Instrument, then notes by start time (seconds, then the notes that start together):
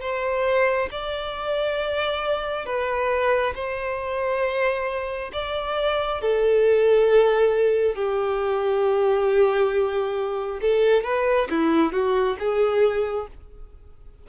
violin
0.00 C5
0.91 D5
2.65 B4
3.55 C5
5.33 D5
6.21 A4
7.95 G4
10.61 A4
11.03 B4
11.49 E4
11.92 F#4
12.39 G#4